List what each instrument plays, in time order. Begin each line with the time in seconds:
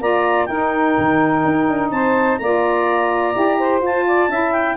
0.00 tuba A#3, saxophone F4 D5, clarinet A#5
0.46 tuba D#4, saxophone D#4 A#4, clarinet G5
0.98 tuba D#3
1.45 tuba D#4
1.68 tuba D4
1.91 tuba C4, saxophone C5, clarinet A5
2.38 tuba A#3, saxophone F4 D5, clarinet A#5
3.34 tuba E4, saxophone G4
3.58 saxophone C5
3.81 tuba F4, saxophone F4, clarinet A5
4.07 saxophone D5
4.28 tuba C#4, saxophone E4 E5
4.53 clarinet G5